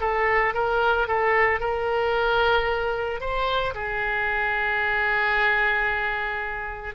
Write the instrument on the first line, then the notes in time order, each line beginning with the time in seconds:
oboe
0.00 A4
0.54 A#4
1.07 A4
1.60 A#4
3.20 C5
3.74 G#4